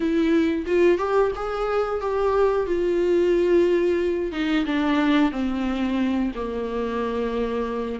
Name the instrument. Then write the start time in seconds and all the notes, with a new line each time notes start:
viola
0.00 E4
0.66 F4
0.98 G4
1.35 G#4
2.00 G4
2.66 F4
4.32 D#4
4.65 D4
5.32 C4
6.35 A#3